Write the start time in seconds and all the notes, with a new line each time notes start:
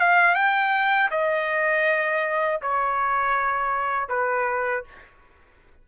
0.00 F5
0.35 G5
1.11 D#5
2.61 C#5
4.09 B4